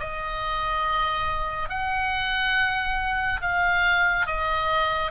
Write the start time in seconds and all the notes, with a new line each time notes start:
0.00 D#5
1.70 F#5
3.42 F5
4.27 D#5